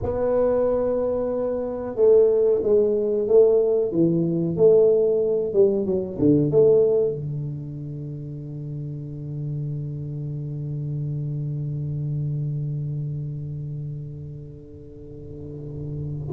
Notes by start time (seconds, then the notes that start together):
0.02 B3
1.95 A3
2.62 G#3
3.27 A3
3.91 E3
4.56 A3
5.53 G3
5.85 F#3
6.18 D3
6.50 A3
7.15 D3